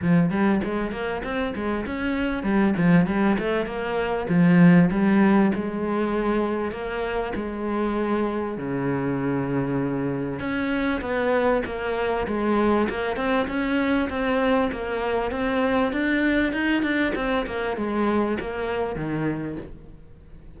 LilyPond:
\new Staff \with { instrumentName = "cello" } { \time 4/4 \tempo 4 = 98 f8 g8 gis8 ais8 c'8 gis8 cis'4 | g8 f8 g8 a8 ais4 f4 | g4 gis2 ais4 | gis2 cis2~ |
cis4 cis'4 b4 ais4 | gis4 ais8 c'8 cis'4 c'4 | ais4 c'4 d'4 dis'8 d'8 | c'8 ais8 gis4 ais4 dis4 | }